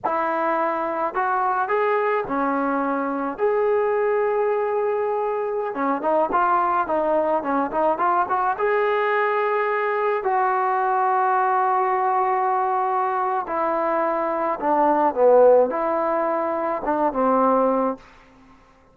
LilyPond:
\new Staff \with { instrumentName = "trombone" } { \time 4/4 \tempo 4 = 107 e'2 fis'4 gis'4 | cis'2 gis'2~ | gis'2~ gis'16 cis'8 dis'8 f'8.~ | f'16 dis'4 cis'8 dis'8 f'8 fis'8 gis'8.~ |
gis'2~ gis'16 fis'4.~ fis'16~ | fis'1 | e'2 d'4 b4 | e'2 d'8 c'4. | }